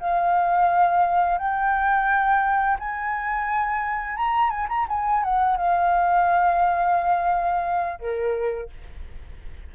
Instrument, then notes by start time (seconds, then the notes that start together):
flute
0.00 F5
1.39 G5
2.80 G#5
4.17 A#5
4.50 G#5
4.69 A#5
4.89 G#5
5.24 F#5
5.57 F5
8.00 A#4